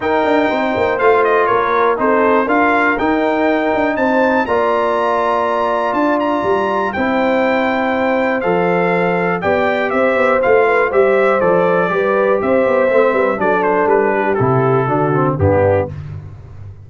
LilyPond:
<<
  \new Staff \with { instrumentName = "trumpet" } { \time 4/4 \tempo 4 = 121 g''2 f''8 dis''8 cis''4 | c''4 f''4 g''2 | a''4 ais''2. | a''8 ais''4. g''2~ |
g''4 f''2 g''4 | e''4 f''4 e''4 d''4~ | d''4 e''2 d''8 c''8 | b'4 a'2 g'4 | }
  \new Staff \with { instrumentName = "horn" } { \time 4/4 ais'4 c''2 ais'4 | a'4 ais'2. | c''4 d''2.~ | d''2 c''2~ |
c''2. d''4 | c''4. b'8 c''2 | b'4 c''4. b'8 a'4~ | a'8 g'4. fis'4 d'4 | }
  \new Staff \with { instrumentName = "trombone" } { \time 4/4 dis'2 f'2 | dis'4 f'4 dis'2~ | dis'4 f'2.~ | f'2 e'2~ |
e'4 a'2 g'4~ | g'4 f'4 g'4 a'4 | g'2 c'4 d'4~ | d'4 e'4 d'8 c'8 b4 | }
  \new Staff \with { instrumentName = "tuba" } { \time 4/4 dis'8 d'8 c'8 ais8 a4 ais4 | c'4 d'4 dis'4. d'8 | c'4 ais2. | d'4 g4 c'2~ |
c'4 f2 b4 | c'8 b8 a4 g4 f4 | g4 c'8 b8 a8 g8 fis4 | g4 c4 d4 g,4 | }
>>